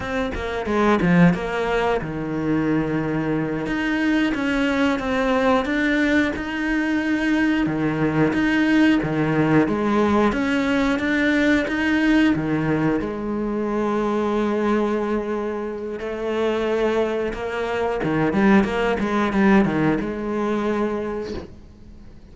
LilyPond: \new Staff \with { instrumentName = "cello" } { \time 4/4 \tempo 4 = 90 c'8 ais8 gis8 f8 ais4 dis4~ | dis4. dis'4 cis'4 c'8~ | c'8 d'4 dis'2 dis8~ | dis8 dis'4 dis4 gis4 cis'8~ |
cis'8 d'4 dis'4 dis4 gis8~ | gis1 | a2 ais4 dis8 g8 | ais8 gis8 g8 dis8 gis2 | }